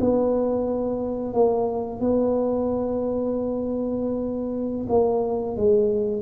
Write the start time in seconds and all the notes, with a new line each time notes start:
0.00 B3
1.34 A#3
2.00 B3
4.88 A#3
5.56 G#3